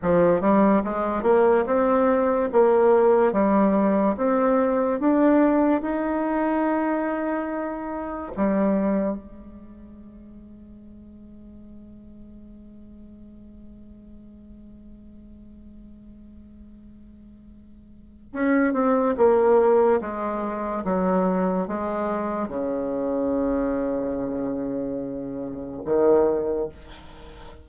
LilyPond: \new Staff \with { instrumentName = "bassoon" } { \time 4/4 \tempo 4 = 72 f8 g8 gis8 ais8 c'4 ais4 | g4 c'4 d'4 dis'4~ | dis'2 g4 gis4~ | gis1~ |
gis1~ | gis2 cis'8 c'8 ais4 | gis4 fis4 gis4 cis4~ | cis2. dis4 | }